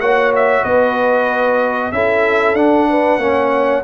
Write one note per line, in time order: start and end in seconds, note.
0.00 0.64 A#3
0.00 1.93 F#4
0.00 0.64 C#5
0.00 0.32 F#5
0.36 0.64 E5
0.64 1.92 B3
0.64 1.91 B4
0.64 1.92 D#5
1.92 2.54 C#4
1.92 2.56 E4
1.92 2.89 A4
1.92 2.55 E5
2.54 3.18 D4
2.54 3.20 D4
2.54 3.83 F#5
2.89 3.20 B4
3.18 3.82 A#3
3.18 3.84 C#4
3.18 3.84 C#5